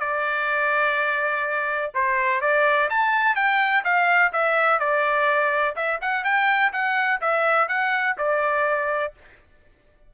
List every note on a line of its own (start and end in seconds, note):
0.00 1.92 D5
1.94 2.41 C5
2.41 2.89 D5
2.90 3.36 A5
3.36 3.84 G5
3.84 4.32 F5
4.33 4.80 E5
4.80 5.76 D5
5.76 6.00 E5
6.02 6.24 F#5
6.24 6.72 G5
6.73 7.21 F#5
7.21 7.68 E5
7.68 8.16 F#5
8.18 9.14 D5